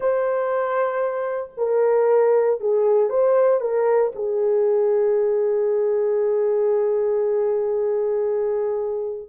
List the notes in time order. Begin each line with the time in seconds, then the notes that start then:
0.00 C5
1.57 A#4
2.60 G#4
3.09 C5
3.60 A#4
4.15 G#4